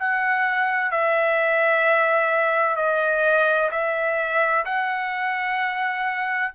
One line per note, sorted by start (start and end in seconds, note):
0.00 0.92 F#5
0.92 2.77 E5
2.77 3.70 D#5
3.72 4.65 E5
4.66 6.53 F#5